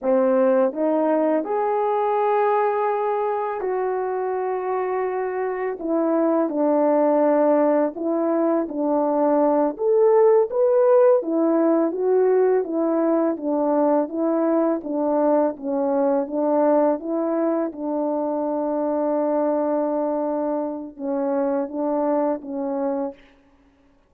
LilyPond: \new Staff \with { instrumentName = "horn" } { \time 4/4 \tempo 4 = 83 c'4 dis'4 gis'2~ | gis'4 fis'2. | e'4 d'2 e'4 | d'4. a'4 b'4 e'8~ |
e'8 fis'4 e'4 d'4 e'8~ | e'8 d'4 cis'4 d'4 e'8~ | e'8 d'2.~ d'8~ | d'4 cis'4 d'4 cis'4 | }